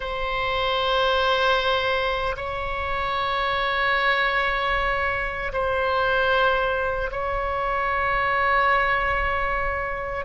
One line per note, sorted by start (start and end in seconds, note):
0.00 2.35 C5
2.36 5.52 C#5
5.52 7.10 C5
7.11 10.25 C#5